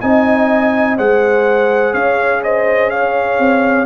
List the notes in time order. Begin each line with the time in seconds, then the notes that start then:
0.00 C4 D#4 D#5 G#5
0.97 G#3 G#4 C5 F#5
1.93 C#4 C#5 F5
2.43 C5 D#5
2.90 C#5 F5
3.39 C4